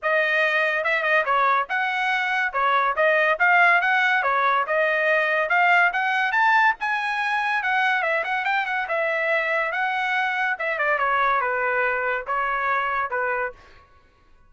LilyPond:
\new Staff \with { instrumentName = "trumpet" } { \time 4/4 \tempo 4 = 142 dis''2 e''8 dis''8 cis''4 | fis''2 cis''4 dis''4 | f''4 fis''4 cis''4 dis''4~ | dis''4 f''4 fis''4 a''4 |
gis''2 fis''4 e''8 fis''8 | g''8 fis''8 e''2 fis''4~ | fis''4 e''8 d''8 cis''4 b'4~ | b'4 cis''2 b'4 | }